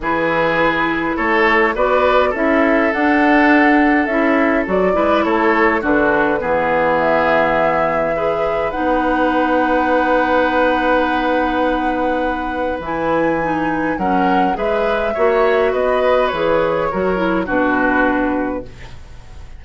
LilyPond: <<
  \new Staff \with { instrumentName = "flute" } { \time 4/4 \tempo 4 = 103 b'2 cis''4 d''4 | e''4 fis''2 e''4 | d''4 cis''4 b'2 | e''2. fis''4~ |
fis''1~ | fis''2 gis''2 | fis''4 e''2 dis''4 | cis''2 b'2 | }
  \new Staff \with { instrumentName = "oboe" } { \time 4/4 gis'2 a'4 b'4 | a'1~ | a'8 b'8 a'4 fis'4 gis'4~ | gis'2 b'2~ |
b'1~ | b'1 | ais'4 b'4 cis''4 b'4~ | b'4 ais'4 fis'2 | }
  \new Staff \with { instrumentName = "clarinet" } { \time 4/4 e'2. fis'4 | e'4 d'2 e'4 | fis'8 e'4. d'4 b4~ | b2 gis'4 dis'4~ |
dis'1~ | dis'2 e'4 dis'4 | cis'4 gis'4 fis'2 | gis'4 fis'8 e'8 d'2 | }
  \new Staff \with { instrumentName = "bassoon" } { \time 4/4 e2 a4 b4 | cis'4 d'2 cis'4 | fis8 gis8 a4 d4 e4~ | e2. b4~ |
b1~ | b2 e2 | fis4 gis4 ais4 b4 | e4 fis4 b,2 | }
>>